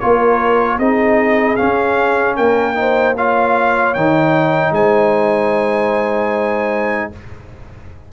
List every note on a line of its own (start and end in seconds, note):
0.00 0.79 A#3
0.00 0.80 F4
0.00 0.79 A#4
0.00 0.79 C#5
0.79 1.58 C4
0.79 1.57 D#4
0.79 2.37 G#4
0.79 1.56 D#5
1.56 2.75 C#4
1.56 2.38 C#4
1.56 2.35 F5
2.37 3.96 A#3
2.37 2.76 A#4
2.37 3.16 G5
2.75 3.15 D#4
2.75 3.17 C5
3.17 3.97 F4
3.17 4.75 C#5
3.17 3.94 F5
3.94 4.72 D#3
3.94 7.13 D#4
3.94 4.73 G5
4.72 7.09 G#3
4.72 7.12 C5
4.72 7.11 G#5